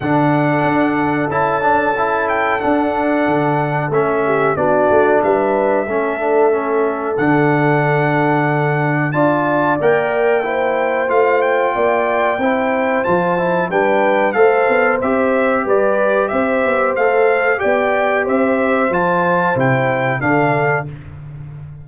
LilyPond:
<<
  \new Staff \with { instrumentName = "trumpet" } { \time 4/4 \tempo 4 = 92 fis''2 a''4. g''8 | fis''2 e''4 d''4 | e''2. fis''4~ | fis''2 a''4 g''4~ |
g''4 f''8 g''2~ g''8 | a''4 g''4 f''4 e''4 | d''4 e''4 f''4 g''4 | e''4 a''4 g''4 f''4 | }
  \new Staff \with { instrumentName = "horn" } { \time 4/4 a'1~ | a'2~ a'8 g'8 fis'4 | b'4 a'2.~ | a'2 d''2 |
c''2 d''4 c''4~ | c''4 b'4 c''2 | b'4 c''2 d''4 | c''2. a'4 | }
  \new Staff \with { instrumentName = "trombone" } { \time 4/4 d'2 e'8 d'8 e'4 | d'2 cis'4 d'4~ | d'4 cis'8 d'8 cis'4 d'4~ | d'2 f'4 ais'4 |
e'4 f'2 e'4 | f'8 e'8 d'4 a'4 g'4~ | g'2 a'4 g'4~ | g'4 f'4 e'4 d'4 | }
  \new Staff \with { instrumentName = "tuba" } { \time 4/4 d4 d'4 cis'2 | d'4 d4 a4 b8 a8 | g4 a2 d4~ | d2 d'4 ais4~ |
ais4 a4 ais4 c'4 | f4 g4 a8 b8 c'4 | g4 c'8 b8 a4 b4 | c'4 f4 c4 d4 | }
>>